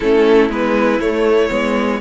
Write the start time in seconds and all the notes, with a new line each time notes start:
0.00 A3 C#4 E4 A4
0.49 G#3 B3 B4
1.00 A3 C#5
1.49 G#3 B3